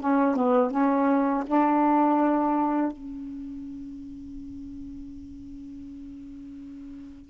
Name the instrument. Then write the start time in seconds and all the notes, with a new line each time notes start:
saxophone
0.00 C#4
0.36 B3
0.71 C#4
1.46 D4
2.92 C#4